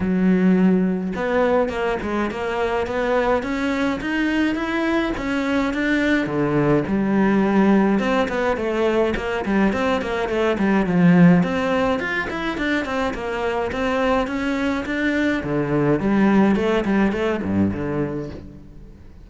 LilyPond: \new Staff \with { instrumentName = "cello" } { \time 4/4 \tempo 4 = 105 fis2 b4 ais8 gis8 | ais4 b4 cis'4 dis'4 | e'4 cis'4 d'4 d4 | g2 c'8 b8 a4 |
ais8 g8 c'8 ais8 a8 g8 f4 | c'4 f'8 e'8 d'8 c'8 ais4 | c'4 cis'4 d'4 d4 | g4 a8 g8 a8 g,8 d4 | }